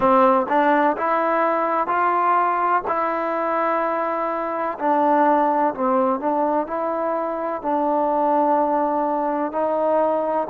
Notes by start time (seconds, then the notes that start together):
0.00 C4
0.48 D4
0.97 E4
1.87 F4
2.87 E4
4.78 D4
5.74 C4
6.19 D4
6.67 E4
7.61 D4
9.52 D#4